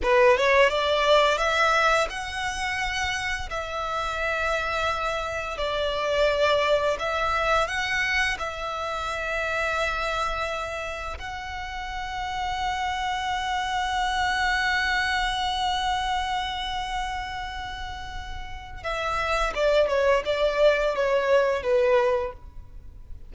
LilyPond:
\new Staff \with { instrumentName = "violin" } { \time 4/4 \tempo 4 = 86 b'8 cis''8 d''4 e''4 fis''4~ | fis''4 e''2. | d''2 e''4 fis''4 | e''1 |
fis''1~ | fis''1~ | fis''2. e''4 | d''8 cis''8 d''4 cis''4 b'4 | }